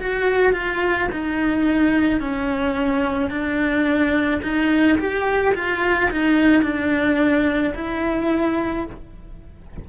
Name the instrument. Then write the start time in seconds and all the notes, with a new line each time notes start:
cello
0.00 F#4
0.53 F4
1.12 D#4
2.21 C#4
3.30 D4
4.42 D#4
4.98 G4
5.55 F4
6.11 D#4
6.63 D4
7.75 E4